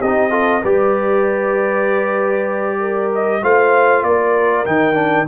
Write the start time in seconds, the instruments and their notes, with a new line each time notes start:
0.00 tuba C4, trombone D#4, horn G4, trumpet D#5
0.30 trombone F4, horn A4
0.61 tuba G3, trombone G4, horn B4, trumpet D5
2.79 horn A#4
3.15 trumpet D#5
3.42 tuba A3, trombone F4, horn C5, trumpet F5
4.03 tuba A#3, horn A#4, trumpet D5
4.65 tuba D#3, trombone D#4, trumpet G5
4.94 trombone D4